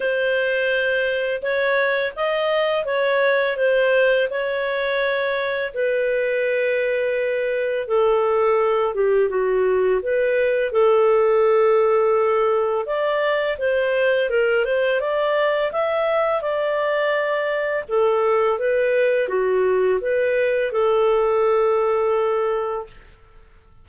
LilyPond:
\new Staff \with { instrumentName = "clarinet" } { \time 4/4 \tempo 4 = 84 c''2 cis''4 dis''4 | cis''4 c''4 cis''2 | b'2. a'4~ | a'8 g'8 fis'4 b'4 a'4~ |
a'2 d''4 c''4 | ais'8 c''8 d''4 e''4 d''4~ | d''4 a'4 b'4 fis'4 | b'4 a'2. | }